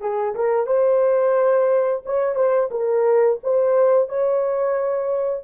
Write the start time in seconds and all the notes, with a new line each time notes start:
0.00 G#4
0.35 A#4
0.66 C5
2.05 C#5
2.35 C5
2.71 A#4
3.43 C5
4.08 C#5